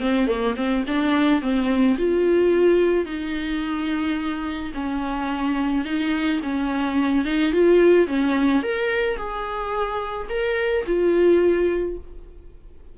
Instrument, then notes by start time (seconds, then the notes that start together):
viola
0.00 C4
0.27 A#3
0.56 C4
0.87 D4
1.41 C4
1.98 F4
3.05 D#4
4.74 C#4
5.85 D#4
6.43 C#4
7.25 D#4
7.53 F4
8.07 C#4
8.63 A#4
9.17 G#4
10.29 A#4
10.87 F4